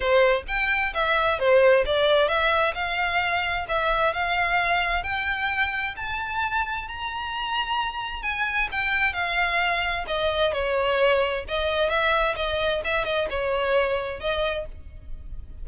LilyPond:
\new Staff \with { instrumentName = "violin" } { \time 4/4 \tempo 4 = 131 c''4 g''4 e''4 c''4 | d''4 e''4 f''2 | e''4 f''2 g''4~ | g''4 a''2 ais''4~ |
ais''2 gis''4 g''4 | f''2 dis''4 cis''4~ | cis''4 dis''4 e''4 dis''4 | e''8 dis''8 cis''2 dis''4 | }